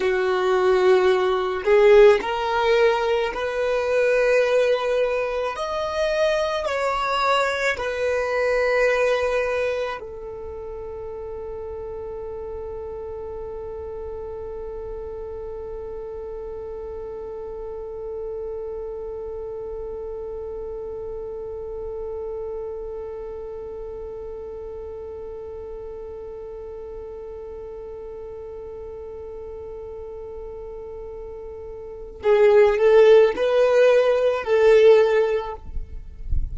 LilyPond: \new Staff \with { instrumentName = "violin" } { \time 4/4 \tempo 4 = 54 fis'4. gis'8 ais'4 b'4~ | b'4 dis''4 cis''4 b'4~ | b'4 a'2.~ | a'1~ |
a'1~ | a'1~ | a'1~ | a'4 gis'8 a'8 b'4 a'4 | }